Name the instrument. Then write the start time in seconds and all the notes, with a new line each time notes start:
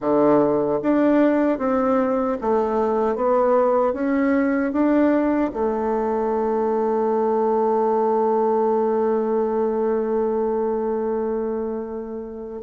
bassoon
0.00 D3
0.82 D4
1.58 C4
2.41 A3
3.15 B3
3.93 C#4
4.72 D4
5.53 A3